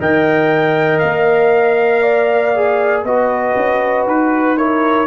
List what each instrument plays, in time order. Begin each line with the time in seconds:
0.00 tuba D#3, trombone A#4, horn D#5, trumpet G5
0.99 tuba A#3, trumpet F5
2.03 horn D5
2.55 trombone G#4
3.05 tuba B3, trombone F#4, horn B4, trumpet D#5
3.56 tuba C#4
4.07 tuba D#4, trumpet B4
4.58 trombone E4, horn A#4, trumpet C#5